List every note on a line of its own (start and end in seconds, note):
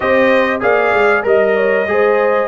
0.00 0.62 C4
0.00 0.60 G4
0.00 0.61 C5
0.00 0.60 D#5
0.60 0.93 A#3
0.60 1.23 G#4
0.60 1.24 D5
0.60 1.25 F5
0.94 1.24 G#3
1.23 1.86 G3
1.23 1.85 A#4
1.23 2.48 D#5
1.23 1.56 D#5
1.56 1.87 C#5
1.86 2.48 G#3
1.86 2.48 G#4
1.86 2.48 C5